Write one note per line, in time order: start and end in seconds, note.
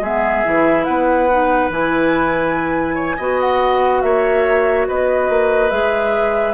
0.00 0.42 G#3
0.00 0.45 B3
0.00 0.86 G#4
0.00 0.84 E5
0.45 0.87 E3
0.45 1.29 E4
0.84 1.70 B3
0.84 2.95 B4
0.84 1.69 F#5
1.30 1.71 D#4
1.70 3.18 E3
1.70 3.19 E4
1.70 3.40 G#5
2.95 3.16 C#5
3.17 4.03 B3
3.17 5.70 F#4
3.17 4.01 D#5
3.40 4.01 F#5
4.01 4.87 A#3
4.01 4.88 C#5
4.01 4.86 E5
4.88 5.29 B3
4.88 6.54 B4
4.88 5.70 D#5
5.29 5.71 A#3
5.70 6.54 G#3
5.70 6.54 G#4
5.70 6.54 E5